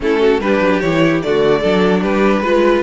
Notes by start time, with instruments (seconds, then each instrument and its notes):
0.00 cello A3, viola C#4, violin E4 A4
0.20 violin F#4
0.39 cello G3, viola D4, violin G4 B4
0.60 cello F#3
0.80 cello E3, viola E4, violin C#5
1.22 cello D3, viola A3, violin F#4 D5
1.60 cello F#3, viola D4, violin A4
2.02 cello G3, violin G4 B4
2.41 cello G#3, viola F4, violin B4